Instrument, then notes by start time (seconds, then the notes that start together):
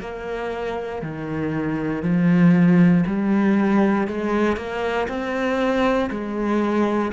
cello
0.00 A#3
1.02 D#3
2.02 F3
3.06 G3
4.07 G#3
4.56 A#3
5.08 C4
6.10 G#3